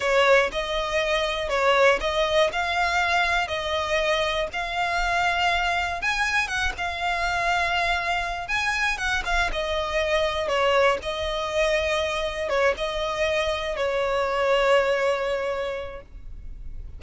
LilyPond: \new Staff \with { instrumentName = "violin" } { \time 4/4 \tempo 4 = 120 cis''4 dis''2 cis''4 | dis''4 f''2 dis''4~ | dis''4 f''2. | gis''4 fis''8 f''2~ f''8~ |
f''4 gis''4 fis''8 f''8 dis''4~ | dis''4 cis''4 dis''2~ | dis''4 cis''8 dis''2 cis''8~ | cis''1 | }